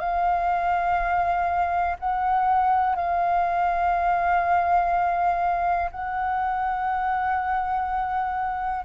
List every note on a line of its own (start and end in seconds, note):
0.00 1.97 F5
1.99 2.96 F#5
2.96 5.91 F5
5.92 8.85 F#5